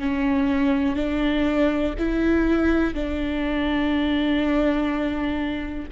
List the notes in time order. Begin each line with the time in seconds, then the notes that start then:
0.00 C#4
0.96 D4
1.99 E4
2.95 D4